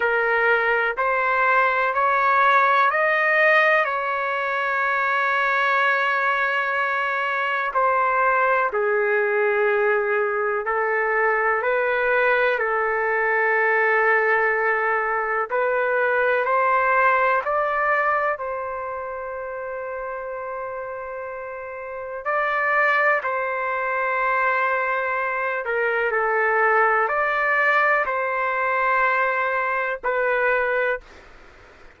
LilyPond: \new Staff \with { instrumentName = "trumpet" } { \time 4/4 \tempo 4 = 62 ais'4 c''4 cis''4 dis''4 | cis''1 | c''4 gis'2 a'4 | b'4 a'2. |
b'4 c''4 d''4 c''4~ | c''2. d''4 | c''2~ c''8 ais'8 a'4 | d''4 c''2 b'4 | }